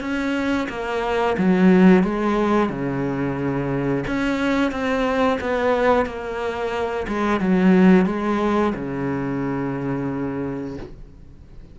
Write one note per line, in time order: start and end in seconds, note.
0.00 0.67 C#4
0.69 1.36 A#3
1.38 2.03 F#3
2.03 2.69 G#3
2.69 4.04 C#3
4.07 4.71 C#4
4.71 5.38 C4
5.40 6.05 B3
6.05 7.06 A#3
7.08 7.40 G#3
7.40 8.06 F#3
8.06 8.73 G#3
8.75 10.77 C#3